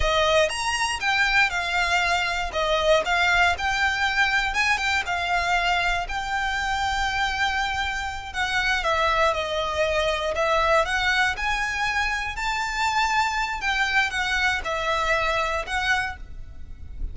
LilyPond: \new Staff \with { instrumentName = "violin" } { \time 4/4 \tempo 4 = 119 dis''4 ais''4 g''4 f''4~ | f''4 dis''4 f''4 g''4~ | g''4 gis''8 g''8 f''2 | g''1~ |
g''8 fis''4 e''4 dis''4.~ | dis''8 e''4 fis''4 gis''4.~ | gis''8 a''2~ a''8 g''4 | fis''4 e''2 fis''4 | }